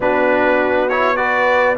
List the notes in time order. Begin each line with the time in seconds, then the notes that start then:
0.00 B3 D4 F#4 B4
0.89 E4 C#5
1.16 F#4 B4 D5